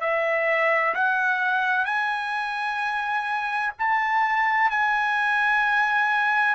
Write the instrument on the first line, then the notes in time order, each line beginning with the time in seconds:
trumpet
0.00 E5
0.94 F#5
1.85 G#5
3.78 A5
4.70 G#5